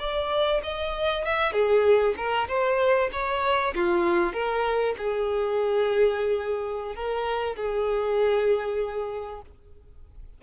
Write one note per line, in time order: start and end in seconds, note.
0.00 0.62 D5
0.64 1.25 D#5
1.26 1.53 E5
1.53 2.15 G#4
2.17 2.48 A#4
2.49 3.10 C5
3.13 3.75 C#5
3.76 4.34 F4
4.34 4.95 A#4
4.98 6.96 G#4
6.96 7.56 A#4
7.56 9.42 G#4